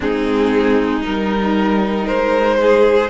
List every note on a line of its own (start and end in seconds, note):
0.00 1.04 G#3
0.00 1.01 C4
0.00 2.05 D#4
0.00 1.04 G#4
1.01 2.08 G3
1.01 3.08 D#4
1.01 2.06 A#4
2.05 3.10 G#3
2.05 2.56 A#4
2.05 3.10 C5
2.62 3.10 G#4